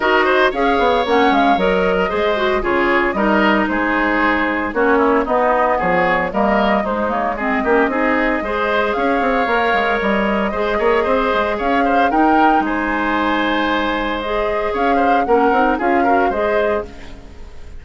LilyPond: <<
  \new Staff \with { instrumentName = "flute" } { \time 4/4 \tempo 4 = 114 dis''4 f''4 fis''8 f''8 dis''4~ | dis''4 cis''4 dis''4 c''4~ | c''4 cis''4 dis''4 cis''4 | dis''4 c''8 cis''8 dis''2~ |
dis''4 f''2 dis''4~ | dis''2 f''4 g''4 | gis''2. dis''4 | f''4 fis''4 f''4 dis''4 | }
  \new Staff \with { instrumentName = "oboe" } { \time 4/4 ais'8 c''8 cis''2~ cis''8. ais'16 | c''4 gis'4 ais'4 gis'4~ | gis'4 fis'8 e'8 dis'4 gis'4 | ais'4 dis'4 gis'8 g'8 gis'4 |
c''4 cis''2. | c''8 cis''8 c''4 cis''8 c''8 ais'4 | c''1 | cis''8 c''8 ais'4 gis'8 ais'8 c''4 | }
  \new Staff \with { instrumentName = "clarinet" } { \time 4/4 fis'4 gis'4 cis'4 ais'4 | gis'8 fis'8 f'4 dis'2~ | dis'4 cis'4 b2 | ais4 gis8 ais8 c'8 cis'8 dis'4 |
gis'2 ais'2 | gis'2. dis'4~ | dis'2. gis'4~ | gis'4 cis'8 dis'8 f'8 fis'8 gis'4 | }
  \new Staff \with { instrumentName = "bassoon" } { \time 4/4 dis'4 cis'8 b8 ais8 gis8 fis4 | gis4 cis4 g4 gis4~ | gis4 ais4 b4 f4 | g4 gis4. ais8 c'4 |
gis4 cis'8 c'8 ais8 gis8 g4 | gis8 ais8 c'8 gis8 cis'4 dis'4 | gis1 | cis'4 ais8 c'8 cis'4 gis4 | }
>>